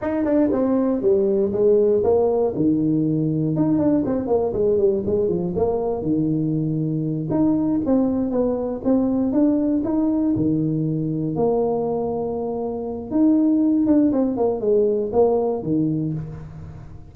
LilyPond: \new Staff \with { instrumentName = "tuba" } { \time 4/4 \tempo 4 = 119 dis'8 d'8 c'4 g4 gis4 | ais4 dis2 dis'8 d'8 | c'8 ais8 gis8 g8 gis8 f8 ais4 | dis2~ dis8 dis'4 c'8~ |
c'8 b4 c'4 d'4 dis'8~ | dis'8 dis2 ais4.~ | ais2 dis'4. d'8 | c'8 ais8 gis4 ais4 dis4 | }